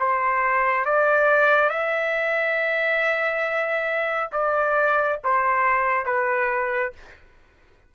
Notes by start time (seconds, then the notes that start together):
0.00 C5
0.85 D5
1.70 E5
4.32 D5
5.24 C5
6.06 B4